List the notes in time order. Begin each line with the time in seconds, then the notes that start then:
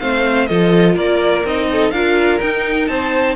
0.00 A3 C4 C5 F5
0.47 F3 F4 A4 D#5
0.95 A#3 A#4 D5
1.45 C4 D#4 D#5
1.72 A4
1.91 D4 F4 A#4 F5
2.41 D#4 G5
2.88 C4 C5 A5